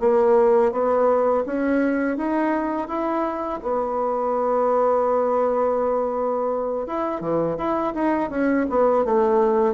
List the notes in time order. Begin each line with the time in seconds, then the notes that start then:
0.00 A#3
0.72 B3
1.46 C#4
2.17 D#4
2.88 E4
3.62 B3
6.87 E4
7.21 E3
7.57 E4
7.95 D#4
8.30 C#4
8.69 B3
9.05 A3